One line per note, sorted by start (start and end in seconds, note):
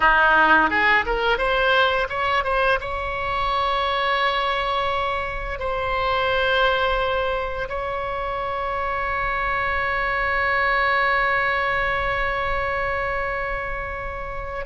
0.00 0.69 D#4
0.70 1.05 G#4
1.06 1.38 A#4
1.38 2.07 C5
2.09 2.44 C#5
2.44 2.79 C5
2.80 5.59 C#5
5.59 7.68 C5
7.68 14.65 C#5